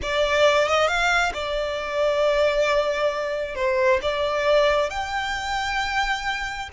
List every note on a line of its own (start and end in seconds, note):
0.02 0.68 D5
0.68 0.87 D#5
0.87 1.32 F5
1.33 3.55 D5
3.55 4.00 C5
4.02 4.90 D5
4.90 6.69 G5